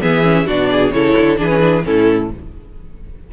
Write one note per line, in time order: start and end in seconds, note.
0.00 0.48 E3
0.00 0.23 B3
0.00 0.46 G#4
0.00 0.47 E5
0.23 0.45 C#4
0.46 0.91 B2
0.46 0.92 D4
0.46 0.69 F#4
0.46 0.91 D5
0.71 0.94 G#4
0.91 1.14 C#3
0.91 1.37 E4
0.91 1.39 A4
0.91 1.36 C#5
1.18 1.39 D3
1.37 1.85 E3
1.37 1.48 D4
1.37 1.85 G#4
1.37 1.85 B4
1.49 1.59 C#4
1.59 1.82 D4
1.83 2.33 A2
1.83 2.29 C#4
1.83 2.32 E4
1.83 2.31 A4